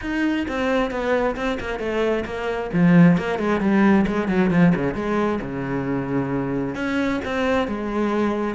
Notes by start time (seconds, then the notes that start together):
0.01 D#4
0.48 C4
0.90 B3
1.35 C4
1.60 A#3
1.79 A3
2.25 A#3
2.73 F3
3.17 A#3
3.38 G#3
3.60 G3
4.06 G#3
4.28 F#3
4.50 F3
4.75 C#3
4.94 G#3
5.41 C#3
6.75 C#4
7.24 C4
7.67 G#3